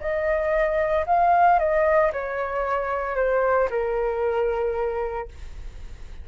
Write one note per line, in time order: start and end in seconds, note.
0.00 1.05 D#5
1.06 1.59 F5
1.59 2.11 D#5
2.12 3.16 C#5
3.16 3.68 C5
3.70 5.28 A#4